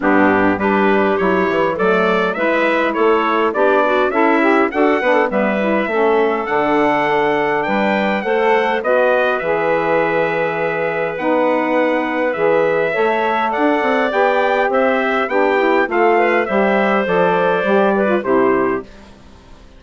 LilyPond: <<
  \new Staff \with { instrumentName = "trumpet" } { \time 4/4 \tempo 4 = 102 g'4 b'4 cis''4 d''4 | e''4 cis''4 d''4 e''4 | fis''4 e''2 fis''4~ | fis''4 g''4 fis''4 dis''4 |
e''2. fis''4~ | fis''4 e''2 fis''4 | g''4 e''4 g''4 f''4 | e''4 d''2 c''4 | }
  \new Staff \with { instrumentName = "clarinet" } { \time 4/4 d'4 g'2 a'4 | b'4 a'4 g'8 fis'8 e'4 | a'8 b'16 a'16 b'4 a'2~ | a'4 b'4 c''4 b'4~ |
b'1~ | b'2 cis''4 d''4~ | d''4 c''4 g'4 a'8 b'8 | c''2~ c''8 b'8 g'4 | }
  \new Staff \with { instrumentName = "saxophone" } { \time 4/4 b4 d'4 e'4 a4 | e'2 d'4 a'8 g'8 | fis'8 d'8 b8 e'8 cis'4 d'4~ | d'2 a'4 fis'4 |
gis'2. dis'4~ | dis'4 gis'4 a'2 | g'2 d'8 e'8 f'4 | g'4 a'4 g'8. f'16 e'4 | }
  \new Staff \with { instrumentName = "bassoon" } { \time 4/4 g,4 g4 fis8 e8 fis4 | gis4 a4 b4 cis'4 | d'8 b8 g4 a4 d4~ | d4 g4 a4 b4 |
e2. b4~ | b4 e4 a4 d'8 c'8 | b4 c'4 b4 a4 | g4 f4 g4 c4 | }
>>